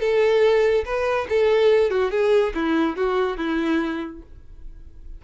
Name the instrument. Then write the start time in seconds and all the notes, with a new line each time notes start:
violin
0.00 A4
0.85 B4
1.29 A4
1.90 F#4
2.11 G#4
2.55 E4
2.97 F#4
3.37 E4